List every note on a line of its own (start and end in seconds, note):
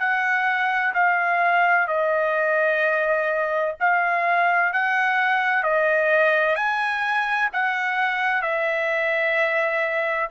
0.00 0.94 F#5
0.95 1.88 F5
1.88 3.76 D#5
3.81 4.73 F5
4.73 5.64 F#5
5.64 6.56 D#5
6.56 7.50 G#5
7.53 8.42 F#5
8.42 10.30 E5